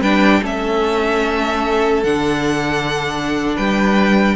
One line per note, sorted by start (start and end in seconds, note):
0.00 0.41 G3
0.00 0.41 D4
0.00 0.41 B4
0.00 0.43 G5
0.41 2.04 A3
0.41 2.04 C#4
0.41 3.55 A4
0.41 2.03 E5
2.03 3.56 D3
2.03 4.36 D4
2.03 3.55 F#5
3.55 4.36 G3
3.55 4.36 B4
3.55 4.36 G5